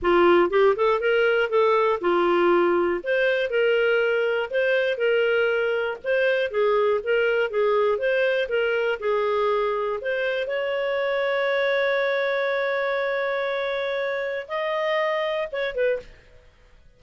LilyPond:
\new Staff \with { instrumentName = "clarinet" } { \time 4/4 \tempo 4 = 120 f'4 g'8 a'8 ais'4 a'4 | f'2 c''4 ais'4~ | ais'4 c''4 ais'2 | c''4 gis'4 ais'4 gis'4 |
c''4 ais'4 gis'2 | c''4 cis''2.~ | cis''1~ | cis''4 dis''2 cis''8 b'8 | }